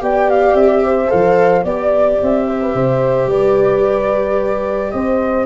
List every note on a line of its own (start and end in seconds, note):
0.00 0.54 B3
0.00 1.07 G4
0.00 0.84 D5
0.00 0.30 G5
0.30 0.56 F5
0.54 1.09 C4
0.54 1.10 E5
0.84 1.64 C5
1.07 1.64 F3
1.07 1.62 A4
1.07 1.65 F5
1.64 2.18 B3
1.64 5.45 G4
1.64 2.46 D5
1.64 2.20 D5
2.22 2.74 C4
2.22 3.30 E5
2.47 2.61 C5
2.62 2.75 B4
2.74 3.26 C3
2.74 3.30 C5
3.26 4.90 G3
3.26 4.93 B4
3.26 4.91 D5
4.91 5.45 C4
4.91 5.45 C5
4.91 5.45 D#5